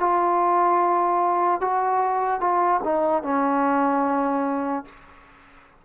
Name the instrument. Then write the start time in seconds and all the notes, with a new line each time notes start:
trombone
0.00 F4
1.61 F#4
2.41 F4
2.85 D#4
3.23 C#4